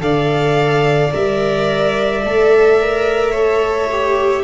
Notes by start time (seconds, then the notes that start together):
0.00 D3 A4 D5 F5
1.12 G3 A#4 E5
2.25 A3 A4
2.81 A#4
3.31 A4 C#5
3.92 G4